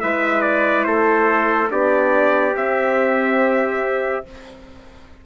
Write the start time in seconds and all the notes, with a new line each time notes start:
0.00 G#3 E4 B4 E5
0.41 D5
0.83 A3 A4 C5
1.69 B3 D4 G4 D5
2.53 C4 E5